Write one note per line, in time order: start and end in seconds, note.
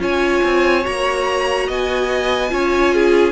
0.00 0.42 C#4
0.00 0.82 F4
0.00 1.68 C#5
0.00 0.86 G#5
0.44 0.85 C4
0.82 1.69 A#3
0.82 2.49 F#4
0.82 1.69 A#5
1.68 2.52 B3
1.68 2.51 D#5
1.68 3.33 G#5
2.50 3.33 C#4
2.50 3.33 F4
2.50 2.94 C#5
2.94 3.33 G#4